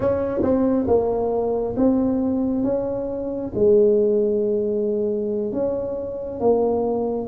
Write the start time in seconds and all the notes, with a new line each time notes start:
0.00 C#4
0.42 C4
0.87 A#3
1.76 C4
2.63 C#4
3.55 G#3
5.52 C#4
6.40 A#3